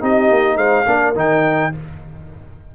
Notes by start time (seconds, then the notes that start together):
0.00 C4 D#4 G4 D#5
0.30 A#3
0.56 G#3 C5 F5
0.86 A#3 D4 A#4
1.15 D#3 D#4 G5